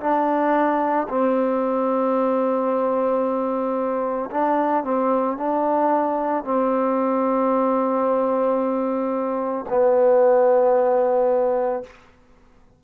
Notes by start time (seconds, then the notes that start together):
0.00 D4
1.09 C4
4.31 D4
4.84 C4
5.37 D4
6.44 C4
9.69 B3